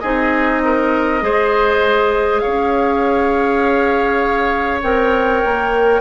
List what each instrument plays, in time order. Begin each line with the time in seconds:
0.00 bassoon C4, clarinet D#4, oboe G#4, flute D#5
0.65 oboe A#4
1.21 bassoon G#3, clarinet G#4, oboe C5
2.39 oboe C#5, flute F5
2.46 bassoon C#4
4.83 bassoon C4, clarinet A#4, flute G5
5.45 bassoon A#3